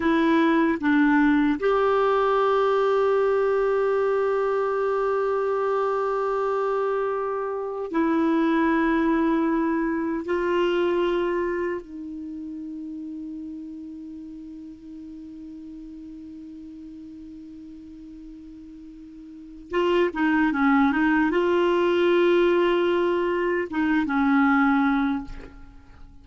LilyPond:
\new Staff \with { instrumentName = "clarinet" } { \time 4/4 \tempo 4 = 76 e'4 d'4 g'2~ | g'1~ | g'2 e'2~ | e'4 f'2 dis'4~ |
dis'1~ | dis'1~ | dis'4 f'8 dis'8 cis'8 dis'8 f'4~ | f'2 dis'8 cis'4. | }